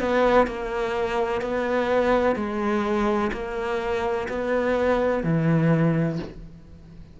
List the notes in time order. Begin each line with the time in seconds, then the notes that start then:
0.00 B3
0.47 A#3
1.42 B3
2.36 G#3
3.33 A#3
4.29 B3
5.24 E3